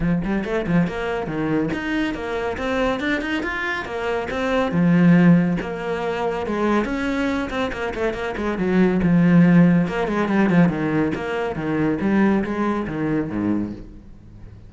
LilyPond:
\new Staff \with { instrumentName = "cello" } { \time 4/4 \tempo 4 = 140 f8 g8 a8 f8 ais4 dis4 | dis'4 ais4 c'4 d'8 dis'8 | f'4 ais4 c'4 f4~ | f4 ais2 gis4 |
cis'4. c'8 ais8 a8 ais8 gis8 | fis4 f2 ais8 gis8 | g8 f8 dis4 ais4 dis4 | g4 gis4 dis4 gis,4 | }